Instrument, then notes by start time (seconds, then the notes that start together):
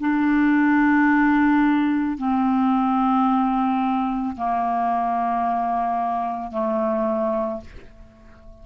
clarinet
0.00 D4
2.18 C4
4.36 A#3
6.52 A3